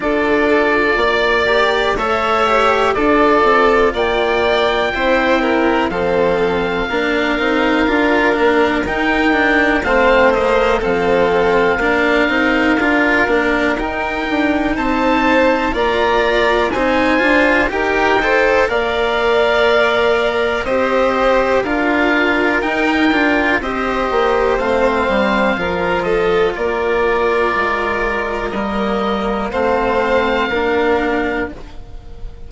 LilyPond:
<<
  \new Staff \with { instrumentName = "oboe" } { \time 4/4 \tempo 4 = 61 d''2 e''4 d''4 | g''2 f''2~ | f''4 g''4 f''8 dis''8 f''4~ | f''2 g''4 a''4 |
ais''4 gis''4 g''4 f''4~ | f''4 dis''4 f''4 g''4 | dis''4 f''4. dis''8 d''4~ | d''4 dis''4 f''2 | }
  \new Staff \with { instrumentName = "violin" } { \time 4/4 a'4 d''4 cis''4 a'4 | d''4 c''8 ais'8 a'4 ais'4~ | ais'2 c''4 a'4 | ais'2. c''4 |
d''4 c''4 ais'8 c''8 d''4~ | d''4 c''4 ais'2 | c''2 ais'8 a'8 ais'4~ | ais'2 c''4 ais'4 | }
  \new Staff \with { instrumentName = "cello" } { \time 4/4 f'4. g'8 a'8 g'8 f'4~ | f'4 e'4 c'4 d'8 dis'8 | f'8 d'8 dis'8 d'8 c'8 ais8 c'4 | d'8 dis'8 f'8 d'8 dis'2 |
f'4 dis'8 f'8 g'8 a'8 ais'4~ | ais'4 g'4 f'4 dis'8 f'8 | g'4 c'4 f'2~ | f'4 ais4 c'4 d'4 | }
  \new Staff \with { instrumentName = "bassoon" } { \time 4/4 d'4 ais4 a4 d'8 c'8 | ais4 c'4 f4 ais8 c'8 | d'8 ais8 dis'4 a4 f4 | ais8 c'8 d'8 ais8 dis'8 d'8 c'4 |
ais4 c'8 d'8 dis'4 ais4~ | ais4 c'4 d'4 dis'8 d'8 | c'8 ais8 a8 g8 f4 ais4 | gis4 g4 a4 ais4 | }
>>